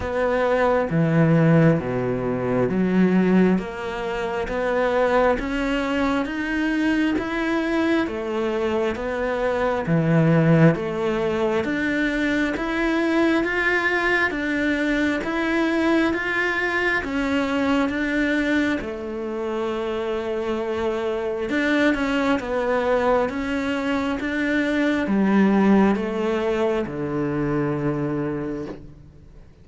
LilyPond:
\new Staff \with { instrumentName = "cello" } { \time 4/4 \tempo 4 = 67 b4 e4 b,4 fis4 | ais4 b4 cis'4 dis'4 | e'4 a4 b4 e4 | a4 d'4 e'4 f'4 |
d'4 e'4 f'4 cis'4 | d'4 a2. | d'8 cis'8 b4 cis'4 d'4 | g4 a4 d2 | }